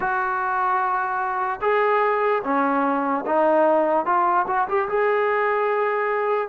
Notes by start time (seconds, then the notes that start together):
0.00 F#4
1.61 G#4
2.43 C#4
3.26 D#4
4.05 F4
4.47 F#4
4.68 G4
4.88 G#4